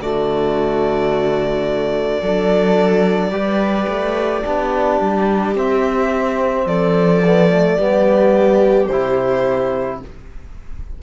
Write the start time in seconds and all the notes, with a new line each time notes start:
0.00 D3 A3 F#4 D5
2.21 F#3 D4 A4
3.30 G3 G4 B4
3.87 A3
4.44 B3 D4 G4
5.00 G3
5.55 C4 E5
6.65 F3 A4 D5
7.24 B3
7.50 A3
7.76 G3 B3 G4
8.86 C3 E4 C5